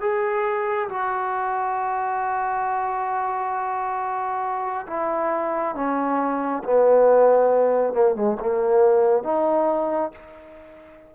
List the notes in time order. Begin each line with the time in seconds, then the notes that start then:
0.00 G#4
0.89 F#4
4.87 E4
5.75 C#4
6.63 B3
7.93 A#3
8.15 G#3
8.39 A#3
9.23 D#4